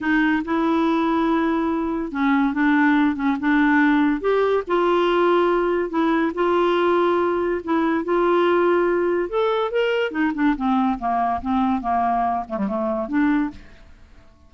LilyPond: \new Staff \with { instrumentName = "clarinet" } { \time 4/4 \tempo 4 = 142 dis'4 e'2.~ | e'4 cis'4 d'4. cis'8 | d'2 g'4 f'4~ | f'2 e'4 f'4~ |
f'2 e'4 f'4~ | f'2 a'4 ais'4 | dis'8 d'8 c'4 ais4 c'4 | ais4. a16 g16 a4 d'4 | }